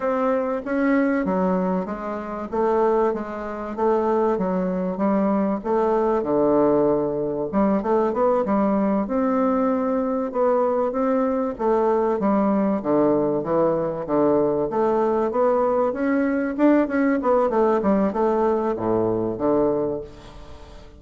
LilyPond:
\new Staff \with { instrumentName = "bassoon" } { \time 4/4 \tempo 4 = 96 c'4 cis'4 fis4 gis4 | a4 gis4 a4 fis4 | g4 a4 d2 | g8 a8 b8 g4 c'4.~ |
c'8 b4 c'4 a4 g8~ | g8 d4 e4 d4 a8~ | a8 b4 cis'4 d'8 cis'8 b8 | a8 g8 a4 a,4 d4 | }